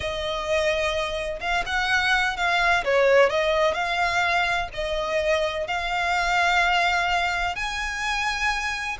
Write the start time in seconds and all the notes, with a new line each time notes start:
0.00 D#5
1.40 F5
1.66 F#5
2.36 F5
2.84 C#5
3.29 D#5
3.74 F5
4.73 D#5
5.67 F5
7.55 G#5